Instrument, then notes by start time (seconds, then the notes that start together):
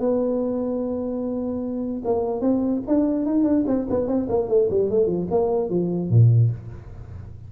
tuba
0.00 B3
2.05 A#3
2.41 C4
2.88 D4
3.26 D#4
3.44 D4
3.67 C4
3.90 B3
4.08 C4
4.29 A#3
4.49 A3
4.70 G3
4.91 A3
5.07 F3
5.31 A#3
5.70 F3
6.10 A#2